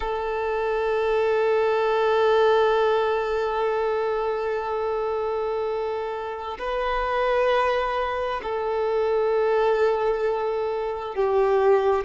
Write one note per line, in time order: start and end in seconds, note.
0.00 6.57 A4
6.59 8.40 B4
8.42 11.15 A4
11.15 12.04 G4